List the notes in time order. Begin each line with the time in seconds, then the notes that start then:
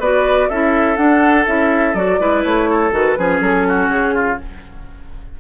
0.00 B3 F#4 B4 D5
0.49 C#4 E4 A4 E5
0.97 D4 F#5
1.46 C#4 E4 E5
1.94 F#3 F#4 D5
2.20 G#3 E4 B4
2.44 A3 C#5
2.70 A4
2.92 D#3 F#4 B4
3.18 F3 C#4 G#4
3.41 F#3 A4
3.68 F#4
3.89 C#3 G#4
4.15 F4